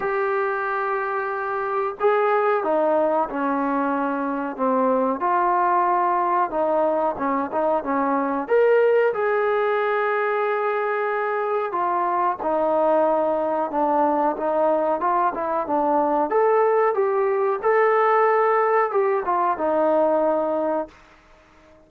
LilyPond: \new Staff \with { instrumentName = "trombone" } { \time 4/4 \tempo 4 = 92 g'2. gis'4 | dis'4 cis'2 c'4 | f'2 dis'4 cis'8 dis'8 | cis'4 ais'4 gis'2~ |
gis'2 f'4 dis'4~ | dis'4 d'4 dis'4 f'8 e'8 | d'4 a'4 g'4 a'4~ | a'4 g'8 f'8 dis'2 | }